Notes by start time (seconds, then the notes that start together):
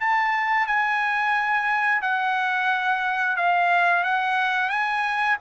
0.00 A5
0.66 G#5
2.01 F#5
3.36 F5
4.03 F#5
4.69 G#5